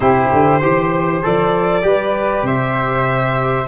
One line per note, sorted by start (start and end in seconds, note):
0.00 0.30 C3
0.00 0.61 E4
0.00 0.59 G4
0.00 1.22 C5
0.32 0.62 D3
0.59 1.23 E3
0.59 1.23 G4
0.59 1.81 C5
1.23 1.83 F3
1.23 1.82 A4
1.23 2.46 D5
1.82 2.42 G3
1.82 3.66 G4
1.82 2.45 B4
2.42 3.64 C3
2.42 3.68 C5
2.42 3.68 E5